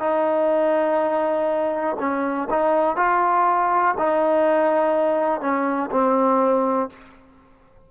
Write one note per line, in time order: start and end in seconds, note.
0.00 1.97 D#4
2.00 2.49 C#4
2.50 2.97 D#4
2.97 3.95 F4
3.98 5.41 D#4
5.41 5.90 C#4
5.92 6.90 C4